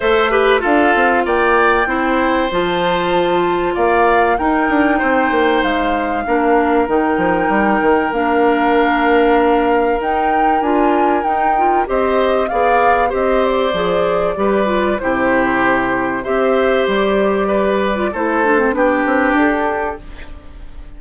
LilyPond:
<<
  \new Staff \with { instrumentName = "flute" } { \time 4/4 \tempo 4 = 96 e''4 f''4 g''2 | a''2 f''4 g''4~ | g''4 f''2 g''4~ | g''4 f''2. |
g''4 gis''4 g''4 dis''4 | f''4 dis''8 d''2~ d''8 | c''2 e''4 d''4~ | d''4 c''4 b'4 a'4 | }
  \new Staff \with { instrumentName = "oboe" } { \time 4/4 c''8 b'8 a'4 d''4 c''4~ | c''2 d''4 ais'4 | c''2 ais'2~ | ais'1~ |
ais'2. c''4 | d''4 c''2 b'4 | g'2 c''2 | b'4 a'4 g'2 | }
  \new Staff \with { instrumentName = "clarinet" } { \time 4/4 a'8 g'8 f'2 e'4 | f'2. dis'4~ | dis'2 d'4 dis'4~ | dis'4 d'2. |
dis'4 f'4 dis'8 f'8 g'4 | gis'4 g'4 gis'4 g'8 f'8 | e'2 g'2~ | g'8. f'16 e'8 d'16 c'16 d'2 | }
  \new Staff \with { instrumentName = "bassoon" } { \time 4/4 a4 d'8 c'8 ais4 c'4 | f2 ais4 dis'8 d'8 | c'8 ais8 gis4 ais4 dis8 f8 | g8 dis8 ais2. |
dis'4 d'4 dis'4 c'4 | b4 c'4 f4 g4 | c2 c'4 g4~ | g4 a4 b8 c'8 d'4 | }
>>